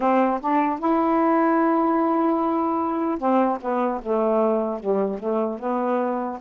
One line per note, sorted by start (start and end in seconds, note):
0.00 0.40 C4
0.41 0.79 D4
0.79 3.18 E4
3.18 3.58 C4
3.61 4.01 B3
4.02 4.79 A3
4.79 5.19 G3
5.19 5.59 A3
5.59 6.39 B3